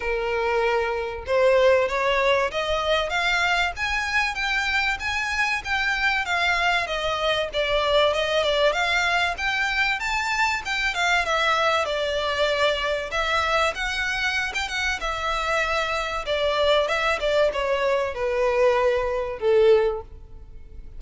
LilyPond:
\new Staff \with { instrumentName = "violin" } { \time 4/4 \tempo 4 = 96 ais'2 c''4 cis''4 | dis''4 f''4 gis''4 g''4 | gis''4 g''4 f''4 dis''4 | d''4 dis''8 d''8 f''4 g''4 |
a''4 g''8 f''8 e''4 d''4~ | d''4 e''4 fis''4~ fis''16 g''16 fis''8 | e''2 d''4 e''8 d''8 | cis''4 b'2 a'4 | }